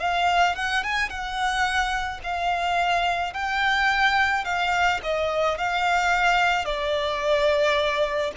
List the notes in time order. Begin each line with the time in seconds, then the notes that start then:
0.00 F5
0.56 F#5
0.83 G#5
1.09 F#5
2.23 F5
3.34 G5
4.44 F5
5.03 D#5
5.58 F5
6.65 D5